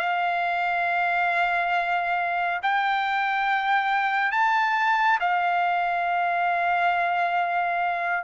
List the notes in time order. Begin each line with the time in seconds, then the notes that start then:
0.00 F5
2.63 G5
4.32 A5
5.20 F5